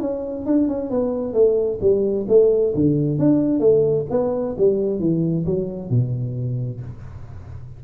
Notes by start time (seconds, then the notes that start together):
0.00 C#4
0.46 D4
0.68 C#4
0.90 B3
1.33 A3
1.81 G3
2.28 A3
2.74 D3
3.19 D4
3.60 A3
4.10 B3
4.57 G3
4.99 E3
5.46 F#3
5.89 B2